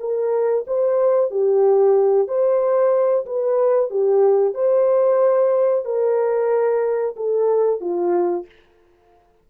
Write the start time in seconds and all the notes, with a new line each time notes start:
0.00 A#4
0.67 C5
1.31 G4
2.28 C5
3.26 B4
3.91 G4
4.55 C5
5.85 A#4
7.17 A4
7.81 F4